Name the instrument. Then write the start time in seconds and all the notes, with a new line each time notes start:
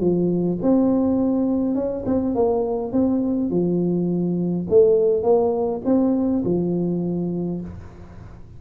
tuba
0.00 F3
0.62 C4
1.75 C#4
2.05 C4
2.35 A#3
2.92 C4
3.50 F3
4.69 A3
5.23 A#3
5.85 C4
6.44 F3